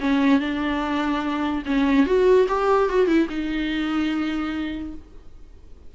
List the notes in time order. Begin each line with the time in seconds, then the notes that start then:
0.00 C#4
0.39 D4
1.65 C#4
2.06 F#4
2.48 G4
2.89 F#4
3.07 E4
3.29 D#4